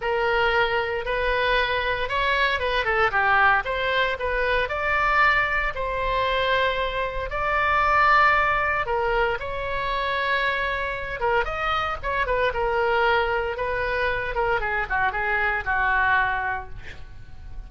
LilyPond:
\new Staff \with { instrumentName = "oboe" } { \time 4/4 \tempo 4 = 115 ais'2 b'2 | cis''4 b'8 a'8 g'4 c''4 | b'4 d''2 c''4~ | c''2 d''2~ |
d''4 ais'4 cis''2~ | cis''4. ais'8 dis''4 cis''8 b'8 | ais'2 b'4. ais'8 | gis'8 fis'8 gis'4 fis'2 | }